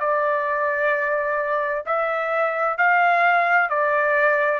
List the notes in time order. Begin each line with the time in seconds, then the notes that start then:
0.00 D5
1.86 E5
2.78 F5
3.70 D5